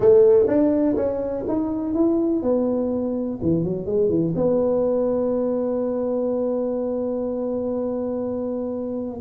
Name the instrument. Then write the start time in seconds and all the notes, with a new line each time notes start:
tuba
0.00 A3
0.47 D4
0.96 C#4
1.48 D#4
1.94 E4
2.42 B3
3.42 E3
3.64 F#3
3.86 G#3
4.09 E3
4.35 B3